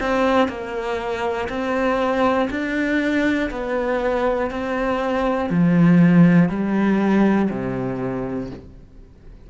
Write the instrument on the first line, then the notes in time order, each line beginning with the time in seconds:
cello
0.00 C4
0.48 A#3
1.49 C4
2.50 D4
3.50 B3
4.50 C4
5.49 F3
6.49 G3
7.50 C3